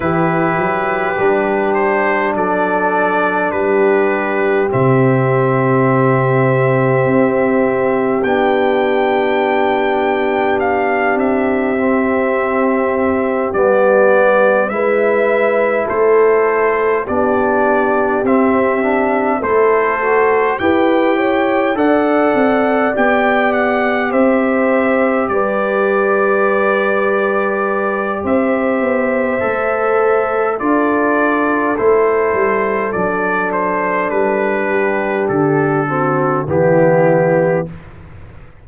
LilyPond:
<<
  \new Staff \with { instrumentName = "trumpet" } { \time 4/4 \tempo 4 = 51 b'4. c''8 d''4 b'4 | e''2. g''4~ | g''4 f''8 e''2 d''8~ | d''8 e''4 c''4 d''4 e''8~ |
e''8 c''4 g''4 fis''4 g''8 | fis''8 e''4 d''2~ d''8 | e''2 d''4 c''4 | d''8 c''8 b'4 a'4 g'4 | }
  \new Staff \with { instrumentName = "horn" } { \time 4/4 g'2 a'4 g'4~ | g'1~ | g'1~ | g'8 b'4 a'4 g'4.~ |
g'8 a'4 b'8 cis''8 d''4.~ | d''8 c''4 b'2~ b'8 | c''2 a'2~ | a'4. g'4 fis'8 e'4 | }
  \new Staff \with { instrumentName = "trombone" } { \time 4/4 e'4 d'2. | c'2. d'4~ | d'2 c'4. b8~ | b8 e'2 d'4 c'8 |
d'8 e'8 fis'8 g'4 a'4 g'8~ | g'1~ | g'4 a'4 f'4 e'4 | d'2~ d'8 c'8 b4 | }
  \new Staff \with { instrumentName = "tuba" } { \time 4/4 e8 fis8 g4 fis4 g4 | c2 c'4 b4~ | b4. c'2 g8~ | g8 gis4 a4 b4 c'8~ |
c'8 a4 e'4 d'8 c'8 b8~ | b8 c'4 g2~ g8 | c'8 b8 a4 d'4 a8 g8 | fis4 g4 d4 e4 | }
>>